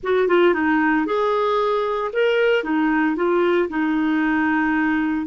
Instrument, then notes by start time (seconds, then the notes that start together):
clarinet
0.03 F#4
0.28 F4
0.54 D#4
1.06 G#4
2.12 A#4
2.63 D#4
3.16 F4
3.69 D#4